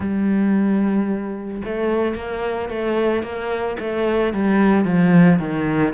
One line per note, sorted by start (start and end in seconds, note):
0.00 1.62 G3
1.64 2.15 A3
2.15 2.69 A#3
2.69 3.22 A3
3.22 3.76 A#3
3.79 4.33 A3
4.33 4.85 G3
4.85 5.39 F3
5.39 5.93 D#3